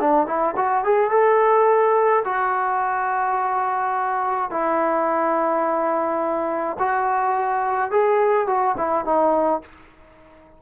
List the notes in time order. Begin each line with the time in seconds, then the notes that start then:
0.00 D4
0.26 E4
0.56 F#4
0.84 G#4
1.10 A4
2.24 F#4
4.50 E4
6.79 F#4
7.91 G#4
8.47 F#4
8.77 E4
9.05 D#4